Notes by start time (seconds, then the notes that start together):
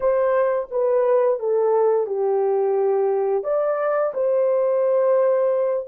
0.00 C5
0.70 B4
1.39 A4
2.06 G4
3.43 D5
4.14 C5